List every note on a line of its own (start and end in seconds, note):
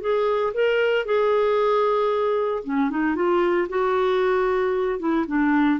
0.00 0.53 G#4
0.53 1.05 A#4
1.05 2.63 G#4
2.63 2.90 C#4
2.90 3.15 D#4
3.15 3.67 F4
3.69 4.99 F#4
4.99 5.25 E4
5.27 5.79 D4